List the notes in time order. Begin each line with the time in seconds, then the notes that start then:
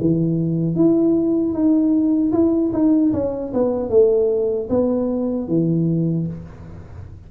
0.00 E3
0.75 E4
1.53 D#4
2.32 E4
2.73 D#4
3.13 C#4
3.53 B3
3.89 A3
4.69 B3
5.48 E3